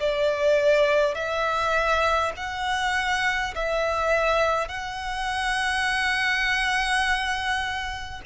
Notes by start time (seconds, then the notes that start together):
0.00 D5
1.15 E5
2.37 F#5
3.56 E5
4.69 F#5